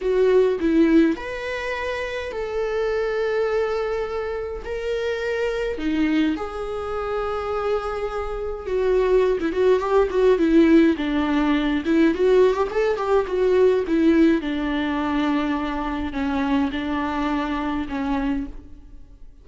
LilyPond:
\new Staff \with { instrumentName = "viola" } { \time 4/4 \tempo 4 = 104 fis'4 e'4 b'2 | a'1 | ais'2 dis'4 gis'4~ | gis'2. fis'4~ |
fis'16 e'16 fis'8 g'8 fis'8 e'4 d'4~ | d'8 e'8 fis'8. g'16 a'8 g'8 fis'4 | e'4 d'2. | cis'4 d'2 cis'4 | }